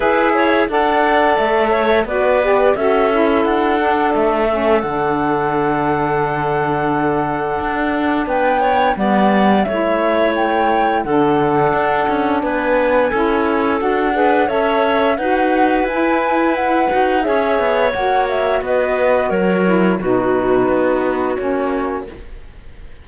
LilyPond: <<
  \new Staff \with { instrumentName = "flute" } { \time 4/4 \tempo 4 = 87 e''4 fis''4 e''4 d''4 | e''4 fis''4 e''4 fis''4~ | fis''1 | g''4 fis''4 e''4 g''4 |
fis''2 gis''2 | fis''4 e''4 fis''4 gis''4 | fis''4 e''4 fis''8 e''8 dis''4 | cis''4 b'2 cis''4 | }
  \new Staff \with { instrumentName = "clarinet" } { \time 4/4 b'8 cis''8 d''4. cis''8 b'4 | a'1~ | a'1 | b'8 cis''8 d''4 cis''2 |
a'2 b'4 a'4~ | a'8 b'8 cis''4 b'2~ | b'4 cis''2 b'4 | ais'4 fis'2. | }
  \new Staff \with { instrumentName = "saxophone" } { \time 4/4 gis'4 a'2 fis'8 g'8 | fis'8 e'4 d'4 cis'8 d'4~ | d'1~ | d'4 b4 e'2 |
d'2. e'4 | fis'8 gis'8 a'4 fis'4 e'4~ | e'8 fis'8 gis'4 fis'2~ | fis'8 e'8 dis'2 cis'4 | }
  \new Staff \with { instrumentName = "cello" } { \time 4/4 e'4 d'4 a4 b4 | cis'4 d'4 a4 d4~ | d2. d'4 | b4 g4 a2 |
d4 d'8 cis'8 b4 cis'4 | d'4 cis'4 dis'4 e'4~ | e'8 dis'8 cis'8 b8 ais4 b4 | fis4 b,4 b4 ais4 | }
>>